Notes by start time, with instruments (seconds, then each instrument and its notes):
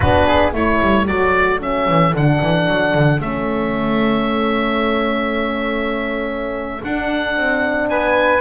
0.00 double bass B3, horn D4, flute F#4, oboe B4
0.26 flute G#4
0.52 double bass A3, horn E4, flute A4, oboe C#5
0.81 double bass G3
1.06 double bass F#3, horn F#4, oboe D5
1.59 horn C#4, oboe E5
1.88 double bass E3
2.13 double bass D3, horn D4, oboe F#5
2.41 double bass E3
2.67 double bass F#3
2.94 double bass D3
3.19 double bass A3, horn C#4, oboe E5
6.83 horn D4, double bass D4, oboe F#5
7.36 double bass C4
7.89 double bass B3, flute B4, oboe G#5